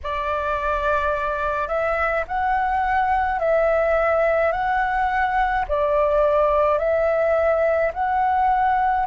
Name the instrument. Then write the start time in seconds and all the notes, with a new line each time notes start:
flute
0.03 D5
1.67 E5
2.27 F#5
3.39 E5
4.51 F#5
5.68 D5
6.78 E5
7.93 F#5